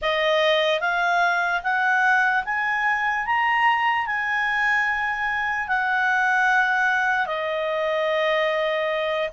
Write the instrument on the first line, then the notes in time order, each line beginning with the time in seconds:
clarinet
0.01 D#5
0.80 F5
1.63 F#5
2.45 G#5
3.25 A#5
4.06 G#5
5.68 F#5
7.26 D#5